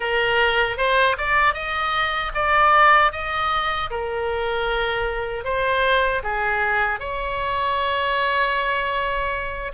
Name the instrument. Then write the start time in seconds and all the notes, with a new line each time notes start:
oboe
0.00 A#4
0.77 C5
1.17 D5
1.54 D#5
2.34 D5
3.12 D#5
3.90 A#4
5.44 C5
6.23 G#4
6.99 C#5